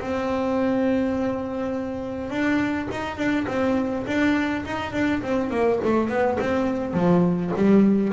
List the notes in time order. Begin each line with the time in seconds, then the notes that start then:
0.00 C4
2.30 D4
2.92 D#4
3.18 D4
3.48 C4
4.07 D4
4.66 D#4
4.93 D4
5.23 C4
5.51 A#3
5.84 A3
6.09 B3
6.41 C4
6.94 F3
7.56 G3